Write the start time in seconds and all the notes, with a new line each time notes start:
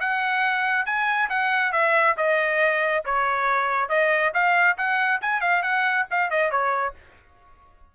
0.00 F#5
0.86 G#5
1.29 F#5
1.72 E5
2.17 D#5
3.05 C#5
3.89 D#5
4.34 F5
4.77 F#5
5.21 G#5
5.41 F5
5.63 F#5
6.10 F5
6.30 D#5
6.51 C#5